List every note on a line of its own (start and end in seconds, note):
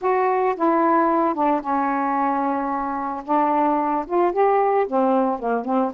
0.01 0.55 F#4
0.56 1.34 E4
1.34 1.61 D4
1.61 3.23 C#4
3.24 4.05 D4
4.06 4.32 F4
4.32 4.86 G4
4.87 5.39 C4
5.39 5.65 A#3
5.65 5.92 C4